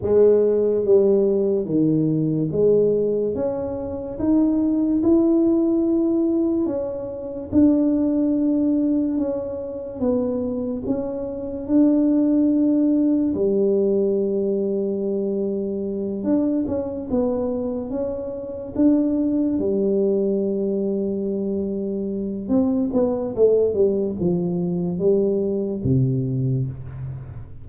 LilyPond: \new Staff \with { instrumentName = "tuba" } { \time 4/4 \tempo 4 = 72 gis4 g4 dis4 gis4 | cis'4 dis'4 e'2 | cis'4 d'2 cis'4 | b4 cis'4 d'2 |
g2.~ g8 d'8 | cis'8 b4 cis'4 d'4 g8~ | g2. c'8 b8 | a8 g8 f4 g4 c4 | }